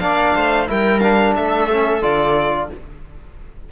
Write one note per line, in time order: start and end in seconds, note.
0.00 0.36 A#3
0.00 0.67 D4
0.00 0.36 D5
0.00 0.67 F5
0.36 0.70 A3
0.36 0.70 C5
0.67 1.38 G3
0.67 1.01 E4
0.67 1.37 A#4
0.67 1.00 G5
1.00 1.71 D4
1.00 1.34 F5
1.36 2.03 A3
1.36 2.72 A4
1.36 2.03 E5
1.71 2.02 C#4
2.02 2.70 D3
2.02 2.70 F4
2.02 2.70 D5